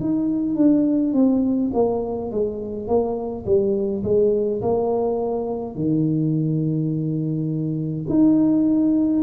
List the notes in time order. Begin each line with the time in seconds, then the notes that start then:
0.00 D#4
0.55 D4
1.13 C4
1.74 A#3
2.31 G#3
2.87 A#3
3.45 G3
4.03 G#3
4.61 A#3
5.75 D#3
8.09 D#4